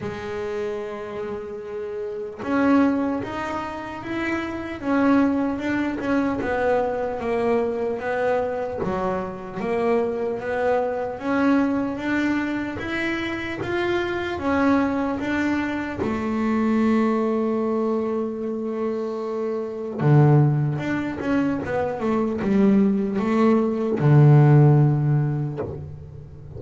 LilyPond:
\new Staff \with { instrumentName = "double bass" } { \time 4/4 \tempo 4 = 75 gis2. cis'4 | dis'4 e'4 cis'4 d'8 cis'8 | b4 ais4 b4 fis4 | ais4 b4 cis'4 d'4 |
e'4 f'4 cis'4 d'4 | a1~ | a4 d4 d'8 cis'8 b8 a8 | g4 a4 d2 | }